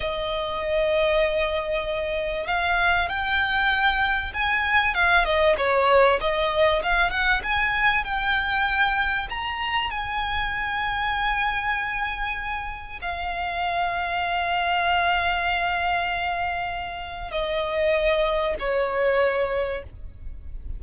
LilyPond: \new Staff \with { instrumentName = "violin" } { \time 4/4 \tempo 4 = 97 dis''1 | f''4 g''2 gis''4 | f''8 dis''8 cis''4 dis''4 f''8 fis''8 | gis''4 g''2 ais''4 |
gis''1~ | gis''4 f''2.~ | f''1 | dis''2 cis''2 | }